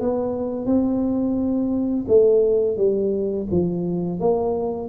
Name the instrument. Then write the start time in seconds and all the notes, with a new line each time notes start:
tuba
0.00 B3
0.66 C4
2.08 A3
2.77 G3
3.51 F3
4.20 A#3